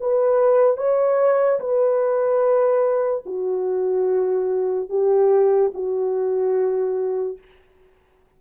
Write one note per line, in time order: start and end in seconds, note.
0.00 0.77 B4
0.77 1.59 C#5
1.60 3.24 B4
3.26 4.89 F#4
4.89 5.72 G4
5.74 7.38 F#4